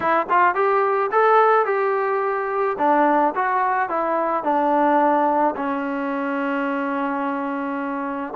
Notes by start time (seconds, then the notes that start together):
0.00 E4
0.29 F4
0.54 G4
1.11 A4
1.65 G4
2.78 D4
3.35 F#4
3.89 E4
4.43 D4
5.56 C#4